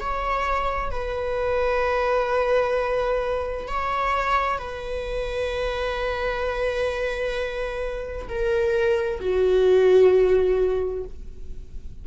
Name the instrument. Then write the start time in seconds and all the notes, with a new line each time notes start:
viola
0.00 C#5
0.91 B4
3.68 C#5
4.58 B4
8.28 A#4
9.20 F#4